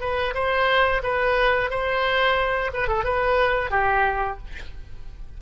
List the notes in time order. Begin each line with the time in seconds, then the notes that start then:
0.00 B4
0.34 C5
1.03 B4
1.70 C5
2.73 B4
2.87 A4
3.04 B4
3.70 G4